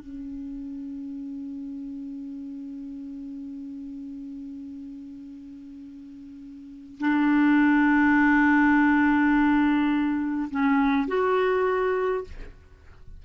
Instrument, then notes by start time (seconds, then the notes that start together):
clarinet
0.00 C#4
7.00 D4
10.51 C#4
11.08 F#4